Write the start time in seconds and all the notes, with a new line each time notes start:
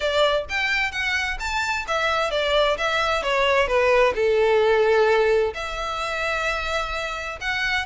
0.00 D5
0.49 G5
0.91 F#5
1.39 A5
1.87 E5
2.31 D5
2.77 E5
3.22 C#5
3.67 B4
4.15 A4
5.54 E5
7.41 F#5